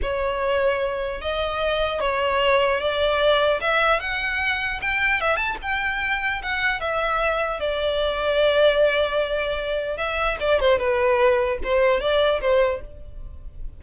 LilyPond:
\new Staff \with { instrumentName = "violin" } { \time 4/4 \tempo 4 = 150 cis''2. dis''4~ | dis''4 cis''2 d''4~ | d''4 e''4 fis''2 | g''4 e''8 a''8 g''2 |
fis''4 e''2 d''4~ | d''1~ | d''4 e''4 d''8 c''8 b'4~ | b'4 c''4 d''4 c''4 | }